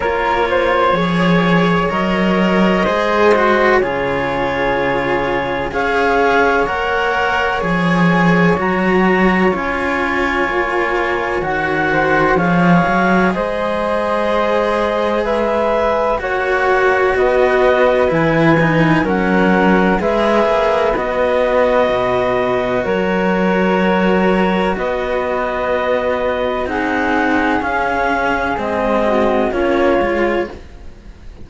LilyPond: <<
  \new Staff \with { instrumentName = "clarinet" } { \time 4/4 \tempo 4 = 63 cis''2 dis''2 | cis''2 f''4 fis''4 | gis''4 ais''4 gis''2 | fis''4 f''4 dis''2 |
e''4 fis''4 dis''4 gis''4 | fis''4 e''4 dis''2 | cis''2 dis''2 | fis''4 f''4 dis''4 cis''4 | }
  \new Staff \with { instrumentName = "flute" } { \time 4/4 ais'8 c''8 cis''2 c''4 | gis'2 cis''2~ | cis''1~ | cis''8 c''8 cis''4 c''2 |
b'4 cis''4 b'2 | ais'4 b'2. | ais'2 b'2 | gis'2~ gis'8 fis'8 f'4 | }
  \new Staff \with { instrumentName = "cello" } { \time 4/4 f'4 gis'4 ais'4 gis'8 fis'8 | f'2 gis'4 ais'4 | gis'4 fis'4 f'2 | fis'4 gis'2.~ |
gis'4 fis'2 e'8 dis'8 | cis'4 gis'4 fis'2~ | fis'1 | dis'4 cis'4 c'4 cis'8 f'8 | }
  \new Staff \with { instrumentName = "cello" } { \time 4/4 ais4 f4 fis4 gis4 | cis2 cis'4 ais4 | f4 fis4 cis'4 ais4 | dis4 f8 fis8 gis2~ |
gis4 ais4 b4 e4 | fis4 gis8 ais8 b4 b,4 | fis2 b2 | c'4 cis'4 gis4 ais8 gis8 | }
>>